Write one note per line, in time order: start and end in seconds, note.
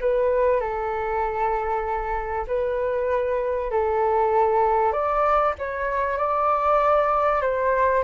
0.00 0.60 B4
0.60 2.46 A4
2.47 3.70 B4
3.70 4.92 A4
4.92 5.54 D5
5.58 6.17 C#5
6.17 7.41 D5
7.41 8.03 C5